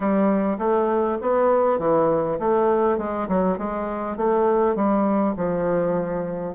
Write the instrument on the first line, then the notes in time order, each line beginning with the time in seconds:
bassoon
0.00 G3
0.58 A3
1.21 B3
1.78 E3
2.39 A3
2.98 G#3
3.28 F#3
3.58 G#3
4.16 A3
4.75 G3
5.36 F3